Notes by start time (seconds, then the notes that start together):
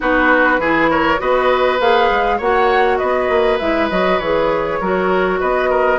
0.00 B3 D#4 F#4 B4
0.58 E3 E4 G#4
0.90 A#4 C#5
1.18 B3 F#4 B4 D#5
1.80 A#3 G#4 F5
2.10 G#3
2.37 A#3 F#4 C#5 F#5
2.97 B3 B4 D#5
3.29 A#3
3.58 G#3 E4 E5
3.89 F#3 F#4 D#5
4.18 E3 G#4 C#5
4.80 F#3 F#4 A#4
5.40 B3 B4 D#5
5.69 A#4